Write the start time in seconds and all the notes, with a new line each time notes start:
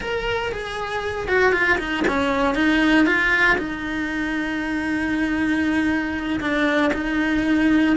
0.00 A#4
0.52 G#4
1.28 F#4
1.52 F4
1.78 D#4
2.07 C#4
2.55 D#4
3.06 F4
3.58 D#4
6.40 D4
6.93 D#4